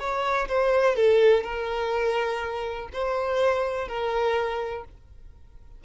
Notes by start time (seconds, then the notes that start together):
0.00 C#5
0.48 C5
0.96 A4
1.44 A#4
2.93 C5
3.88 A#4